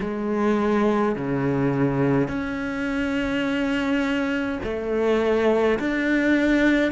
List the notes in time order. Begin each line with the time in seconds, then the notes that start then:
0.00 G#3
1.15 C#3
2.28 C#4
4.63 A3
5.79 D4